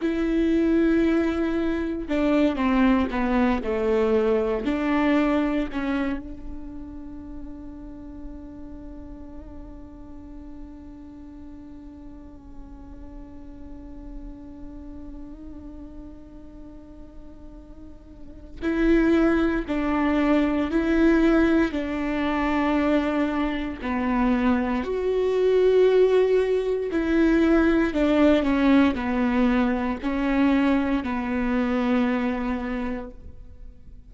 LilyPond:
\new Staff \with { instrumentName = "viola" } { \time 4/4 \tempo 4 = 58 e'2 d'8 c'8 b8 a8~ | a8 d'4 cis'8 d'2~ | d'1~ | d'1~ |
d'2 e'4 d'4 | e'4 d'2 b4 | fis'2 e'4 d'8 cis'8 | b4 cis'4 b2 | }